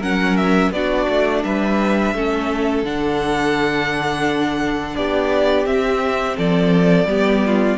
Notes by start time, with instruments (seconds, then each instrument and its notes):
0.00 cello F#3, viola C#4, violin A#4 F#5
0.36 violin E5
0.71 cello B3, viola D4, violin F#4 D5
1.09 cello A3
1.43 cello G3, violin B4 E5
2.14 cello A3, viola C#4, violin A4
2.82 cello D3, viola D4, violin F#5
4.95 cello B3, violin G4 D5
5.66 cello C4, viola C4, violin E5
6.37 cello F3, violin A4 D5
7.05 cello G3, viola B3, violin G4
7.45 violin F4